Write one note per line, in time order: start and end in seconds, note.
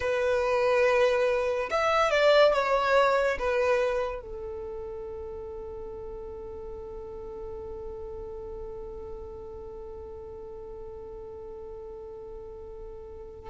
0.00 1.69 B4
1.70 2.10 E5
2.10 2.53 D5
2.53 3.38 C#5
3.38 4.21 B4
4.21 13.50 A4